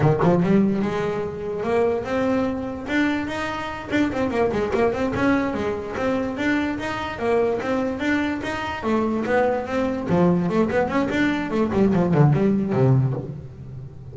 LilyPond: \new Staff \with { instrumentName = "double bass" } { \time 4/4 \tempo 4 = 146 dis8 f8 g4 gis2 | ais4 c'2 d'4 | dis'4. d'8 c'8 ais8 gis8 ais8 | c'8 cis'4 gis4 c'4 d'8~ |
d'8 dis'4 ais4 c'4 d'8~ | d'8 dis'4 a4 b4 c'8~ | c'8 f4 a8 b8 cis'8 d'4 | a8 g8 f8 d8 g4 c4 | }